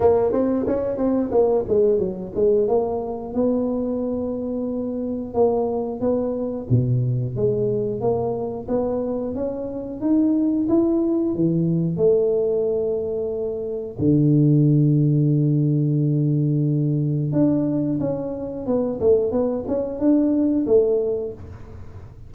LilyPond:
\new Staff \with { instrumentName = "tuba" } { \time 4/4 \tempo 4 = 90 ais8 c'8 cis'8 c'8 ais8 gis8 fis8 gis8 | ais4 b2. | ais4 b4 b,4 gis4 | ais4 b4 cis'4 dis'4 |
e'4 e4 a2~ | a4 d2.~ | d2 d'4 cis'4 | b8 a8 b8 cis'8 d'4 a4 | }